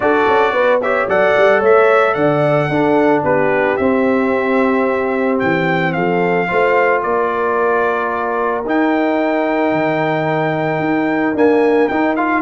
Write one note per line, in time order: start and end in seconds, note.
0.00 0.27 D4
0.00 0.81 F#4
0.00 0.53 A4
0.00 0.81 D5
0.27 0.52 C#4
0.52 1.06 B3
0.52 0.80 B4
0.81 1.08 G4
0.81 1.08 C#5
0.81 1.08 E5
1.08 1.35 F#3
1.08 2.70 A4
1.08 1.59 D5
1.08 1.63 F#5
1.37 1.61 G3
1.59 2.15 A3
1.59 2.13 C#5
1.59 2.13 E5
2.13 2.68 D3
2.13 2.68 D5
2.13 3.22 F#5
2.68 3.22 D4
2.68 3.78 D4
2.68 3.23 A4
3.23 3.77 B3
3.23 5.93 G4
3.23 3.76 B4
3.76 6.48 C4
3.76 5.41 C4
3.76 5.38 E5
5.39 5.96 E3
5.39 5.92 G5
5.92 6.50 F3
5.92 6.48 A4
5.92 7.00 F5
6.48 7.03 A3
6.48 8.64 F4
6.48 7.02 C5
7.02 8.65 A#3
7.02 12.41 A#4
7.02 8.64 D5
8.65 9.72 D#4
8.65 11.35 D#4
8.65 11.37 G5
9.72 10.79 D#3
10.79 11.33 D#4
11.34 11.90 A#3
11.34 11.88 D4
11.34 11.88 G#5
11.88 12.16 D#4
11.88 12.41 D#4
11.88 12.15 G5
12.16 12.41 F4
12.16 12.41 F5